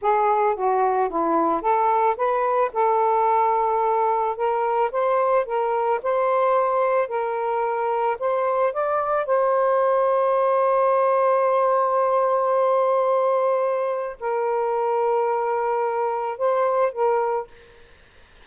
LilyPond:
\new Staff \with { instrumentName = "saxophone" } { \time 4/4 \tempo 4 = 110 gis'4 fis'4 e'4 a'4 | b'4 a'2. | ais'4 c''4 ais'4 c''4~ | c''4 ais'2 c''4 |
d''4 c''2.~ | c''1~ | c''2 ais'2~ | ais'2 c''4 ais'4 | }